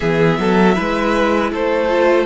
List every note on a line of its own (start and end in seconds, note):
0.00 0.38 E3
0.00 0.74 B3
0.00 0.38 G#4
0.00 1.51 E5
0.38 0.76 F#3
0.38 0.75 A4
0.74 1.52 G#3
0.74 1.88 E4
0.74 1.51 B4
1.52 2.25 A3
1.52 2.25 A4
1.52 2.25 C5
1.88 2.25 F4